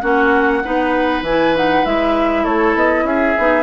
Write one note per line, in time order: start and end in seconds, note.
0.00 0.63 A#3
0.00 0.62 C#4
0.00 0.62 F#4
0.00 1.21 F#5
0.63 1.22 B3
0.63 1.24 D#4
0.63 2.43 B4
1.22 1.82 E3
1.22 1.55 E4
1.22 1.55 G#5
1.55 1.85 D#4
1.55 1.85 F#5
1.85 2.45 G#3
1.85 3.36 E4
1.85 2.44 E5
2.43 2.74 A3
2.43 3.04 A4
2.43 2.74 C#5
2.74 3.03 B3
2.74 3.06 D#5
3.03 3.34 C#4
3.03 3.63 G#4
3.03 3.63 E5
3.37 3.63 B3
3.37 3.63 D#4